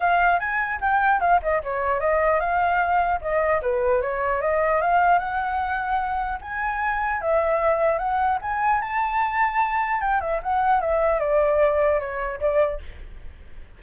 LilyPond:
\new Staff \with { instrumentName = "flute" } { \time 4/4 \tempo 4 = 150 f''4 gis''4 g''4 f''8 dis''8 | cis''4 dis''4 f''2 | dis''4 b'4 cis''4 dis''4 | f''4 fis''2. |
gis''2 e''2 | fis''4 gis''4 a''2~ | a''4 g''8 e''8 fis''4 e''4 | d''2 cis''4 d''4 | }